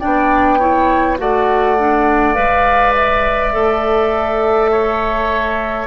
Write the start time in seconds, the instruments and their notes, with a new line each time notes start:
0.00 bassoon B3, clarinet D4, oboe D5, flute G5
0.59 clarinet E4, oboe C#5
1.18 bassoon A3, clarinet F#4, oboe D5, flute F#5
1.79 clarinet D4
2.35 bassoon G#3, clarinet B4, flute F5
2.95 flute E5
3.53 bassoon A3, clarinet A4
4.71 oboe C#5